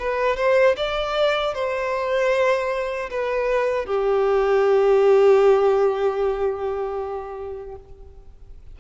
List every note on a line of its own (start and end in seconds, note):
0.00 0.37 B4
0.37 0.76 C5
0.77 1.54 D5
1.54 3.10 C5
3.11 3.86 B4
3.86 7.76 G4